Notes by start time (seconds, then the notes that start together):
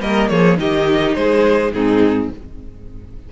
0.00 G3 A#3 A#4 D#5
0.28 F3 G#4 C#5
0.57 D#3 D#4 G4 D#5
1.14 G#3 G#4 C5
1.72 G#2 C4 D#4 G#4